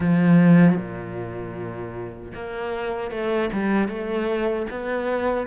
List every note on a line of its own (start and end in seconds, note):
0.00 0.76 F3
0.76 2.32 A#2
2.34 3.11 A#3
3.11 3.50 A3
3.53 3.88 G3
3.88 4.66 A3
4.70 5.47 B3